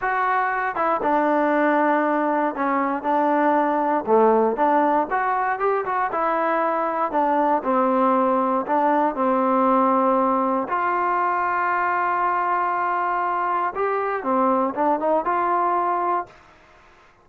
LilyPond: \new Staff \with { instrumentName = "trombone" } { \time 4/4 \tempo 4 = 118 fis'4. e'8 d'2~ | d'4 cis'4 d'2 | a4 d'4 fis'4 g'8 fis'8 | e'2 d'4 c'4~ |
c'4 d'4 c'2~ | c'4 f'2.~ | f'2. g'4 | c'4 d'8 dis'8 f'2 | }